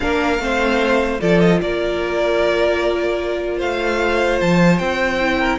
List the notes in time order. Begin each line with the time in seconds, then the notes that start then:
0.00 A#3 D4 A#4 F5
0.39 A3 C4 C5
1.20 F3 F4 A4 D5
1.40 D#5
1.61 A#3 A#4 D5
3.57 A3 C5 F5
4.40 F3 A5
4.78 C4 G5
5.20 E4
5.39 A#4